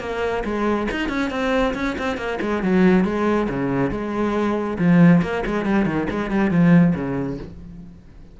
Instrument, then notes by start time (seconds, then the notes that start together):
cello
0.00 A#3
0.44 G#3
0.91 D#4
1.08 C#4
1.30 C4
1.74 C#4
1.98 C4
2.17 A#3
2.41 G#3
2.63 F#3
3.04 G#3
3.49 C#3
3.91 G#3
4.78 F3
5.22 A#3
5.46 G#3
5.65 G3
5.85 D#3
6.10 G#3
6.30 G3
6.50 F3
6.95 C#3